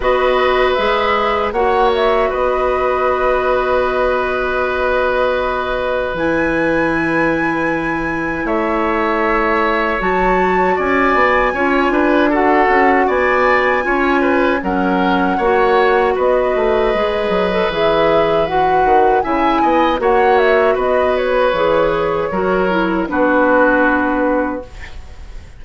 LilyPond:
<<
  \new Staff \with { instrumentName = "flute" } { \time 4/4 \tempo 4 = 78 dis''4 e''4 fis''8 e''8 dis''4~ | dis''1 | gis''2. e''4~ | e''4 a''4 gis''2 |
fis''4 gis''2 fis''4~ | fis''4 dis''2 e''4 | fis''4 gis''4 fis''8 e''8 dis''8 cis''8~ | cis''2 b'2 | }
  \new Staff \with { instrumentName = "oboe" } { \time 4/4 b'2 cis''4 b'4~ | b'1~ | b'2. cis''4~ | cis''2 d''4 cis''8 b'8 |
a'4 d''4 cis''8 b'8 ais'4 | cis''4 b'2.~ | b'4 e''8 dis''8 cis''4 b'4~ | b'4 ais'4 fis'2 | }
  \new Staff \with { instrumentName = "clarinet" } { \time 4/4 fis'4 gis'4 fis'2~ | fis'1 | e'1~ | e'4 fis'2 f'4 |
fis'2 f'4 cis'4 | fis'2 gis'8. a'16 gis'4 | fis'4 e'4 fis'2 | gis'4 fis'8 e'8 d'2 | }
  \new Staff \with { instrumentName = "bassoon" } { \time 4/4 b4 gis4 ais4 b4~ | b1 | e2. a4~ | a4 fis4 cis'8 b8 cis'8 d'8~ |
d'8 cis'8 b4 cis'4 fis4 | ais4 b8 a8 gis8 fis8 e4~ | e8 dis8 cis8 b8 ais4 b4 | e4 fis4 b2 | }
>>